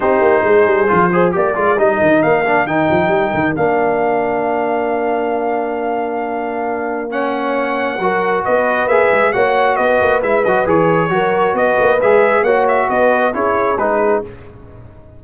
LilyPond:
<<
  \new Staff \with { instrumentName = "trumpet" } { \time 4/4 \tempo 4 = 135 c''2. d''4 | dis''4 f''4 g''2 | f''1~ | f''1 |
fis''2. dis''4 | e''4 fis''4 dis''4 e''8 dis''8 | cis''2 dis''4 e''4 | fis''8 e''8 dis''4 cis''4 b'4 | }
  \new Staff \with { instrumentName = "horn" } { \time 4/4 g'4 gis'4. c''8 ais'4~ | ais'1~ | ais'1~ | ais'1 |
cis''2 ais'4 b'4~ | b'4 cis''4 b'2~ | b'4 ais'4 b'2 | cis''4 b'4 gis'2 | }
  \new Staff \with { instrumentName = "trombone" } { \time 4/4 dis'2 f'8 gis'8 g'8 f'8 | dis'4. d'8 dis'2 | d'1~ | d'1 |
cis'2 fis'2 | gis'4 fis'2 e'8 fis'8 | gis'4 fis'2 gis'4 | fis'2 e'4 dis'4 | }
  \new Staff \with { instrumentName = "tuba" } { \time 4/4 c'8 ais8 gis8 g8 f4 ais8 gis8 | g8 dis8 ais4 dis8 f8 g8 dis8 | ais1~ | ais1~ |
ais2 fis4 b4 | ais8 gis8 ais4 b8 ais8 gis8 fis8 | e4 fis4 b8 ais8 gis4 | ais4 b4 cis'4 gis4 | }
>>